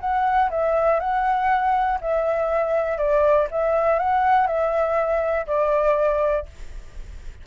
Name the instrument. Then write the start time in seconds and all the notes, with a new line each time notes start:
flute
0.00 F#5
0.50 E5
1.00 F#5
2.01 E5
2.98 D5
3.51 E5
3.99 F#5
4.47 E5
5.46 D5